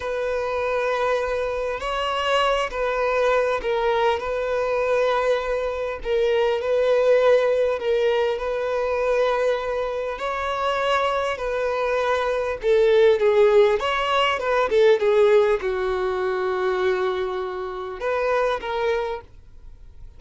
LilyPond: \new Staff \with { instrumentName = "violin" } { \time 4/4 \tempo 4 = 100 b'2. cis''4~ | cis''8 b'4. ais'4 b'4~ | b'2 ais'4 b'4~ | b'4 ais'4 b'2~ |
b'4 cis''2 b'4~ | b'4 a'4 gis'4 cis''4 | b'8 a'8 gis'4 fis'2~ | fis'2 b'4 ais'4 | }